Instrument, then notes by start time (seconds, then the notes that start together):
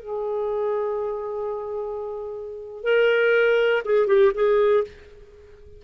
clarinet
0.00 G#4
2.84 A#4
3.85 G#4
4.08 G4
4.35 G#4